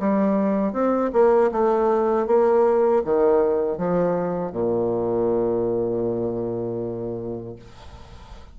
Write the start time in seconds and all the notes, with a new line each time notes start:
0.00 G3
0.73 C4
1.13 A#3
1.52 A3
2.27 A#3
3.05 D#3
3.78 F3
4.52 A#2